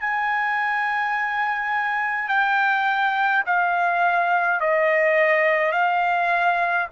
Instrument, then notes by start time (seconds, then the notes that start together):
trumpet
0.00 G#5
2.28 G5
3.46 F5
4.60 D#5
5.72 F5